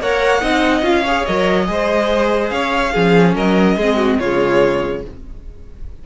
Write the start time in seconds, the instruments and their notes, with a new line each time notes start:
0.00 cello A#3, viola A#4, violin C#5 F#5
0.41 cello C4, viola D#4, violin D#5
0.81 cello C#4, viola F4, violin F5
1.03 viola G#4, violin C#5
1.25 cello F#3, viola A#4, violin D#5
1.65 cello G#3, viola G#4, violin C5
2.50 cello C#4, violin C#5 F5
2.93 cello F3, viola C#4, violin G#4
3.35 cello F#3, violin A#4 D#5
3.76 cello G#3, viola C4, violin G#4
3.96 violin F#4
4.19 cello C#3, viola G#3, violin F4 C#5